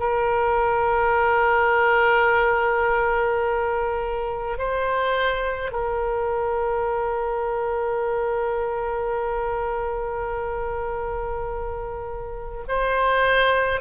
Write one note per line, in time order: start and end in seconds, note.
0.00 4.58 A#4
4.58 5.72 C5
5.72 12.64 A#4
12.69 13.81 C5